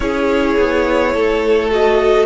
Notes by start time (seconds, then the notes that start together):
0.00 C#4 E4 G#4 C#5
0.58 B3
1.14 A3 A4
1.70 F#4 D#5